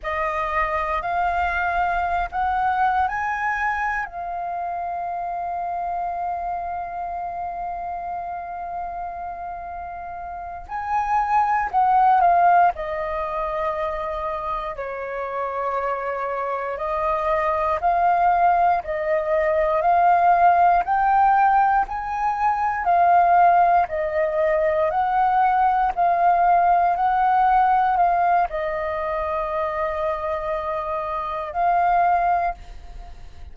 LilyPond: \new Staff \with { instrumentName = "flute" } { \time 4/4 \tempo 4 = 59 dis''4 f''4~ f''16 fis''8. gis''4 | f''1~ | f''2~ f''8 gis''4 fis''8 | f''8 dis''2 cis''4.~ |
cis''8 dis''4 f''4 dis''4 f''8~ | f''8 g''4 gis''4 f''4 dis''8~ | dis''8 fis''4 f''4 fis''4 f''8 | dis''2. f''4 | }